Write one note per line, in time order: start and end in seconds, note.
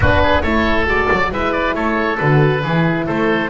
0.00 0.41 B3
0.00 0.43 D4
0.00 0.22 F#4
0.00 0.42 B4
0.22 0.42 G#4
0.42 0.86 A3
0.42 0.85 E4
0.42 1.30 A4
0.42 0.85 C#5
0.85 1.07 G#3
0.85 1.29 F#4
0.85 1.32 D5
1.11 1.31 F#3
1.31 1.74 G#3
1.31 2.18 E4
1.31 1.75 B4
1.31 1.52 E5
1.52 1.74 D5
1.74 2.18 A3
1.74 2.62 A4
1.74 2.17 C#5
2.17 2.63 D3
2.17 2.62 F#4
2.17 3.05 B4
2.62 3.07 E3
2.62 3.50 E4
2.62 3.06 G#4
3.06 3.50 A3
3.06 3.49 A4
3.06 3.50 C5